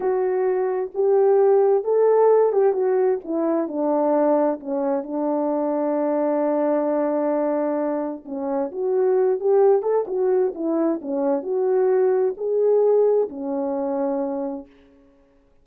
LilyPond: \new Staff \with { instrumentName = "horn" } { \time 4/4 \tempo 4 = 131 fis'2 g'2 | a'4. g'8 fis'4 e'4 | d'2 cis'4 d'4~ | d'1~ |
d'2 cis'4 fis'4~ | fis'8 g'4 a'8 fis'4 e'4 | cis'4 fis'2 gis'4~ | gis'4 cis'2. | }